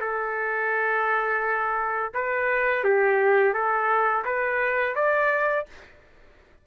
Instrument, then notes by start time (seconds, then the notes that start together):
trumpet
0.00 A4
2.14 B4
2.84 G4
3.53 A4
4.25 B4
4.95 D5